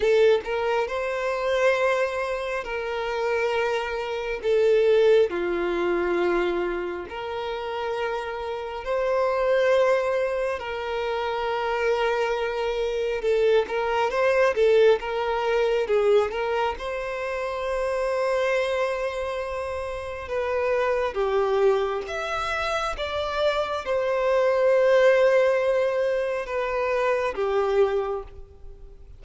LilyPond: \new Staff \with { instrumentName = "violin" } { \time 4/4 \tempo 4 = 68 a'8 ais'8 c''2 ais'4~ | ais'4 a'4 f'2 | ais'2 c''2 | ais'2. a'8 ais'8 |
c''8 a'8 ais'4 gis'8 ais'8 c''4~ | c''2. b'4 | g'4 e''4 d''4 c''4~ | c''2 b'4 g'4 | }